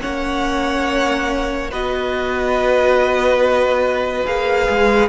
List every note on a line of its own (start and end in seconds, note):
0.00 1.72 A#3
0.00 1.69 C#4
0.00 1.70 C#5
0.00 1.70 F#5
1.70 4.26 B3
1.70 4.26 F#4
1.70 5.08 B4
1.70 4.26 D#5
4.26 4.68 A#3
4.26 5.08 G#4
4.26 5.08 F5
4.68 5.08 G#3